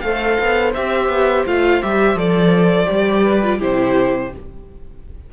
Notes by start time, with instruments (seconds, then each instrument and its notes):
0.00 cello A3, viola A4, violin C5 F5
0.39 cello B3
0.74 cello C4, viola G4, violin E5
1.08 cello B3
1.46 cello A3, viola F4, violin F5
1.82 cello G3, viola G4, violin E5
2.15 cello F3, viola A4, violin D5
2.85 cello G3, viola G4
3.23 violin B4
3.42 viola F4
3.58 cello C3, viola E4, violin G4 C5